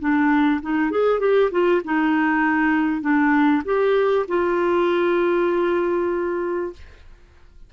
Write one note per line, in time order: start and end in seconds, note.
0.00 0.61 D4
0.62 0.91 D#4
0.91 1.20 G#4
1.20 1.51 G4
1.52 1.82 F4
1.85 3.02 D#4
3.02 3.63 D4
3.65 4.27 G4
4.29 6.73 F4